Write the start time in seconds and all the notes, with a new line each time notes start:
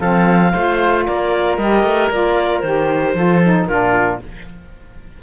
0.00 F3 C4 A4 F5
0.52 A3 F4 C5
1.06 A#3 A#4 D5
1.58 G3 G4 D#5
1.84 A3
2.10 A#3 F4 D5
2.60 D#3 G4 C5
3.14 F3 F4 A4
3.44 D#4
3.66 A#2 D4 F4 A#4